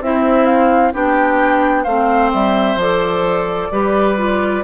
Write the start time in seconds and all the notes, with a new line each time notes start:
0.00 C4 E4 E5
0.45 F5
0.93 B3 D4 G4 G5
1.83 A3 C4 C5 F5
2.33 G3 E5
2.76 F3 A4 D5
3.72 G3 G4 B4
4.17 F4